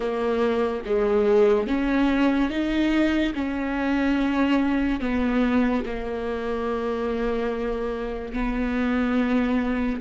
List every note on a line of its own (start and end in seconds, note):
0.00 0.83 A#3
0.85 1.67 G#3
1.67 2.50 C#4
2.50 3.33 D#4
3.34 5.00 C#4
5.00 5.83 B3
5.85 8.33 A#3
8.33 10.00 B3